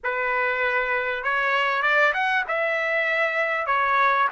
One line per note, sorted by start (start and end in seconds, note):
0.03 1.23 B4
1.23 1.82 C#5
1.82 2.13 D5
2.13 2.44 F#5
2.48 3.66 E5
3.66 4.27 C#5